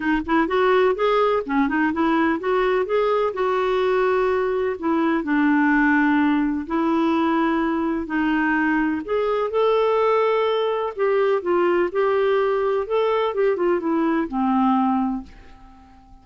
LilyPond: \new Staff \with { instrumentName = "clarinet" } { \time 4/4 \tempo 4 = 126 dis'8 e'8 fis'4 gis'4 cis'8 dis'8 | e'4 fis'4 gis'4 fis'4~ | fis'2 e'4 d'4~ | d'2 e'2~ |
e'4 dis'2 gis'4 | a'2. g'4 | f'4 g'2 a'4 | g'8 f'8 e'4 c'2 | }